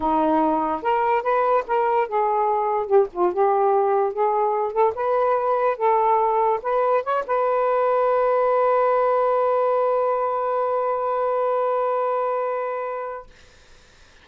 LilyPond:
\new Staff \with { instrumentName = "saxophone" } { \time 4/4 \tempo 4 = 145 dis'2 ais'4 b'4 | ais'4 gis'2 g'8 f'8 | g'2 gis'4. a'8 | b'2 a'2 |
b'4 cis''8 b'2~ b'8~ | b'1~ | b'1~ | b'1 | }